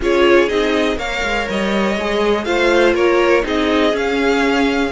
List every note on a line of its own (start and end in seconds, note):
0.00 0.48 C#4
0.00 0.48 F4
0.00 0.97 G#4
0.00 0.49 C#5
0.48 0.96 C4
0.48 0.97 D#4
0.48 0.98 D#5
0.96 1.21 A#3
0.96 1.95 A#4
0.96 2.45 C#5
0.96 1.48 F5
1.23 1.47 G#3
1.49 1.96 G3
1.49 2.44 D#5
1.96 2.45 G#3
1.96 2.45 G#4
2.44 2.94 A3
2.44 3.42 F4
2.44 2.94 C5
2.44 2.93 F5
2.94 3.43 A#3
2.94 3.43 A#4
2.94 3.44 C#5
3.42 3.93 C4
3.42 3.91 D#4
3.42 4.92 G#4
3.42 3.96 D#5
3.92 4.90 C#4
3.92 4.91 C#4
3.92 4.92 F5